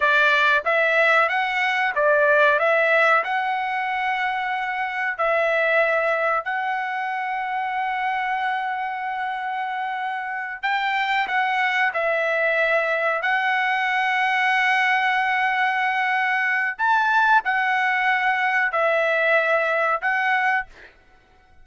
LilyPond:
\new Staff \with { instrumentName = "trumpet" } { \time 4/4 \tempo 4 = 93 d''4 e''4 fis''4 d''4 | e''4 fis''2. | e''2 fis''2~ | fis''1~ |
fis''8 g''4 fis''4 e''4.~ | e''8 fis''2.~ fis''8~ | fis''2 a''4 fis''4~ | fis''4 e''2 fis''4 | }